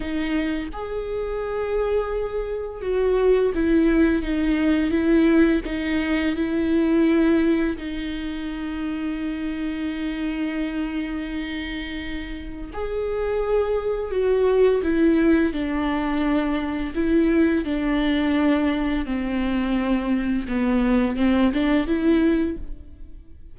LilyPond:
\new Staff \with { instrumentName = "viola" } { \time 4/4 \tempo 4 = 85 dis'4 gis'2. | fis'4 e'4 dis'4 e'4 | dis'4 e'2 dis'4~ | dis'1~ |
dis'2 gis'2 | fis'4 e'4 d'2 | e'4 d'2 c'4~ | c'4 b4 c'8 d'8 e'4 | }